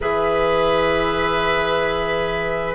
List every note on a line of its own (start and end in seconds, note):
0.00 2.74 E3
0.00 2.74 G#4
0.00 2.74 B4
0.00 2.74 E5